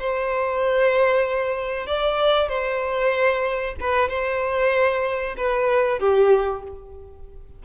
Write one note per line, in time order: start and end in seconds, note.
0.00 1.87 C5
1.87 2.49 D5
2.49 3.75 C5
3.80 4.09 B4
4.09 5.36 C5
5.37 5.99 B4
5.99 6.63 G4